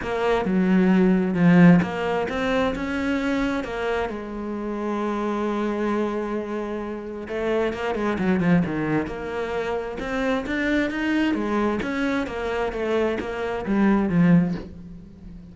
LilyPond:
\new Staff \with { instrumentName = "cello" } { \time 4/4 \tempo 4 = 132 ais4 fis2 f4 | ais4 c'4 cis'2 | ais4 gis2.~ | gis1 |
a4 ais8 gis8 fis8 f8 dis4 | ais2 c'4 d'4 | dis'4 gis4 cis'4 ais4 | a4 ais4 g4 f4 | }